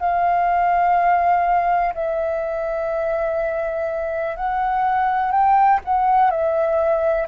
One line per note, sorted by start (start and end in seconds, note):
0.00 1.94 F5
1.95 4.37 E5
4.37 5.32 F#5
5.32 5.80 G5
5.85 6.31 F#5
6.31 7.28 E5